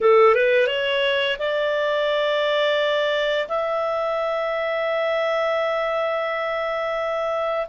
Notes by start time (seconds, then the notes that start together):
0.00 A4
0.34 B4
0.67 C#5
1.38 D5
3.48 E5